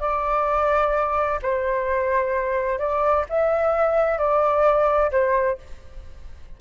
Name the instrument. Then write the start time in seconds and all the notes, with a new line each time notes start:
flute
0.00 D5
1.42 C5
2.78 D5
3.29 E5
4.18 D5
5.11 C5